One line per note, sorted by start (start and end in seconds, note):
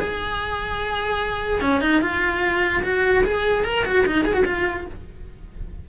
0.00 1.61 G#4
1.61 1.81 C#4
1.81 2.02 D#4
2.02 2.83 F4
2.83 3.24 F#4
3.25 3.65 G#4
3.65 3.85 A#4
3.86 4.06 F#4
4.07 4.25 D#4
4.25 4.34 G#4
4.34 4.44 F#4
4.46 4.86 F4